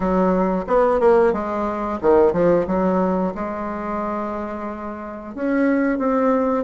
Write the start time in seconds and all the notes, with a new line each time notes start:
0.00 F#3
0.67 B3
1.00 A#3
1.32 G#3
2.01 D#3
2.32 F3
2.66 F#3
3.35 G#3
5.35 C#4
5.98 C4